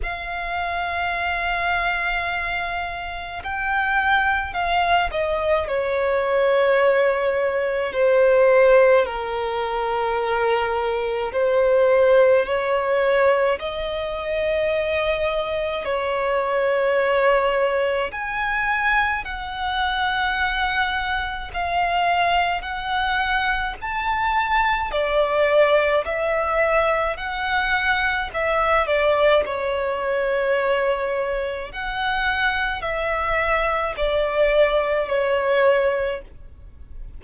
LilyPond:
\new Staff \with { instrumentName = "violin" } { \time 4/4 \tempo 4 = 53 f''2. g''4 | f''8 dis''8 cis''2 c''4 | ais'2 c''4 cis''4 | dis''2 cis''2 |
gis''4 fis''2 f''4 | fis''4 a''4 d''4 e''4 | fis''4 e''8 d''8 cis''2 | fis''4 e''4 d''4 cis''4 | }